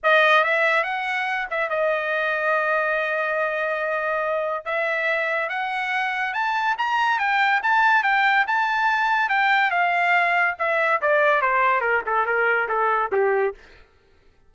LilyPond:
\new Staff \with { instrumentName = "trumpet" } { \time 4/4 \tempo 4 = 142 dis''4 e''4 fis''4. e''8 | dis''1~ | dis''2. e''4~ | e''4 fis''2 a''4 |
ais''4 g''4 a''4 g''4 | a''2 g''4 f''4~ | f''4 e''4 d''4 c''4 | ais'8 a'8 ais'4 a'4 g'4 | }